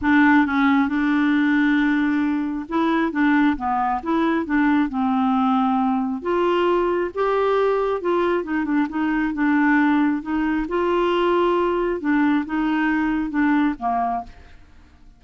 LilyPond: \new Staff \with { instrumentName = "clarinet" } { \time 4/4 \tempo 4 = 135 d'4 cis'4 d'2~ | d'2 e'4 d'4 | b4 e'4 d'4 c'4~ | c'2 f'2 |
g'2 f'4 dis'8 d'8 | dis'4 d'2 dis'4 | f'2. d'4 | dis'2 d'4 ais4 | }